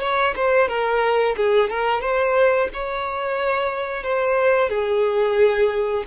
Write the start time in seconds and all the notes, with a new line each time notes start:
0.00 C#5
0.36 C5
0.68 A#4
1.36 G#4
1.69 A#4
2.01 C5
2.73 C#5
4.03 C5
4.69 G#4